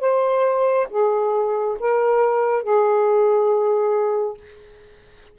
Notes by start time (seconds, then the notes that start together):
0.00 C5
0.90 G#4
1.79 A#4
2.63 G#4